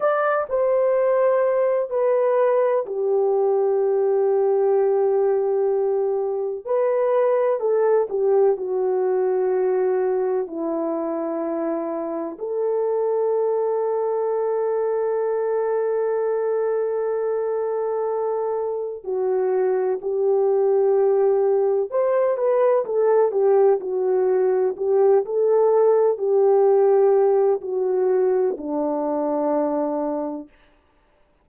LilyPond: \new Staff \with { instrumentName = "horn" } { \time 4/4 \tempo 4 = 63 d''8 c''4. b'4 g'4~ | g'2. b'4 | a'8 g'8 fis'2 e'4~ | e'4 a'2.~ |
a'1 | fis'4 g'2 c''8 b'8 | a'8 g'8 fis'4 g'8 a'4 g'8~ | g'4 fis'4 d'2 | }